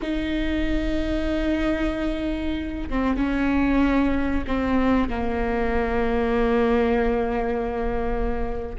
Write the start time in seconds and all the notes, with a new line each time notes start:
0.01 D#4
2.89 C4
3.17 C#4
4.47 C4
5.09 A#3